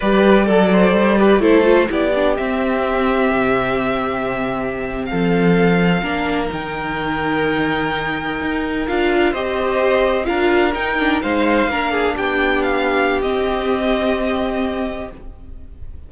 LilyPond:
<<
  \new Staff \with { instrumentName = "violin" } { \time 4/4 \tempo 4 = 127 d''2. c''4 | d''4 e''2.~ | e''2~ e''8. f''4~ f''16~ | f''4.~ f''16 g''2~ g''16~ |
g''2~ g''8. f''4 dis''16~ | dis''4.~ dis''16 f''4 g''4 f''16~ | f''4.~ f''16 g''4 f''4~ f''16 | dis''1 | }
  \new Staff \with { instrumentName = "violin" } { \time 4/4 b'4 a'8 c''4 b'8 a'4 | g'1~ | g'2~ g'8. a'4~ a'16~ | a'8. ais'2.~ ais'16~ |
ais'2.~ ais'8. c''16~ | c''4.~ c''16 ais'2 c''16~ | c''8. ais'8 gis'8 g'2~ g'16~ | g'1 | }
  \new Staff \with { instrumentName = "viola" } { \time 4/4 g'4 a'4. g'8 e'8 f'8 | e'8 d'8 c'2.~ | c'1~ | c'8. d'4 dis'2~ dis'16~ |
dis'2~ dis'8. f'4 g'16~ | g'4.~ g'16 f'4 dis'8 d'8 dis'16~ | dis'8. d'2.~ d'16 | c'1 | }
  \new Staff \with { instrumentName = "cello" } { \time 4/4 g4 fis4 g4 a4 | b4 c'2 c4~ | c2~ c8. f4~ f16~ | f8. ais4 dis2~ dis16~ |
dis4.~ dis16 dis'4 d'4 c'16~ | c'4.~ c'16 d'4 dis'4 gis16~ | gis8. ais4 b2~ b16 | c'1 | }
>>